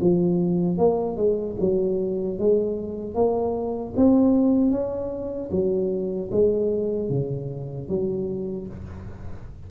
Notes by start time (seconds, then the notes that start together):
0.00 F3
0.78 A#3
1.16 G#3
1.59 F#3
2.38 G#3
3.14 A#3
3.96 C4
4.70 C#4
5.51 F#3
6.31 G#3
7.09 C#3
7.88 F#3